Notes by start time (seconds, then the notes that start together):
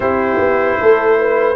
0.00 C4 E4 G4 C5
0.38 B3
0.79 A3 A4
1.18 B4